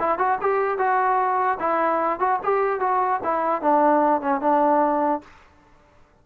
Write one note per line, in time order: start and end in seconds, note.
0.00 0.18 E4
0.18 0.39 F#4
0.42 0.78 G4
0.78 1.59 F#4
1.60 2.20 E4
2.20 2.40 F#4
2.44 2.80 G4
2.80 3.21 F#4
3.24 3.62 E4
3.62 4.21 D4
4.21 4.41 C#4
4.41 5.22 D4